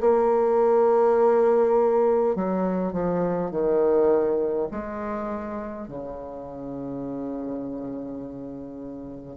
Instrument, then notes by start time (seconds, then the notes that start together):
bassoon
0.00 A#3
2.35 F#3
2.93 F3
3.51 D#3
4.71 G#3
5.88 C#3